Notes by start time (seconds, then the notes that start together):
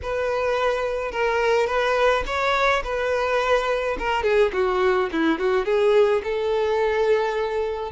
0.02 B4
1.11 A#4
1.66 B4
2.26 C#5
2.84 B4
3.99 A#4
4.23 G#4
4.53 F#4
5.11 E4
5.39 F#4
5.65 G#4
6.23 A4